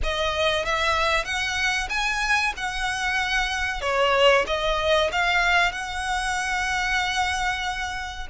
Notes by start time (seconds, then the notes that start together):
0.03 D#5
0.65 E5
1.24 F#5
1.89 G#5
2.56 F#5
3.81 C#5
4.46 D#5
5.12 F5
5.72 F#5